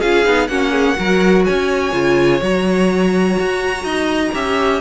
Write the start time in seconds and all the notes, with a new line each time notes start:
0.00 C#4 F4 G#4 F5
0.25 B3 D#4
0.48 A#3 C#4 F#4 F#5
0.71 G#4
0.96 F#3 F#4 A#4
1.45 C#4 C#5 G#5
1.93 C#3 F4
2.42 F#3 F#4 A#5
3.39 F#4
3.84 D#4 D#5
4.34 C#4 G4 E5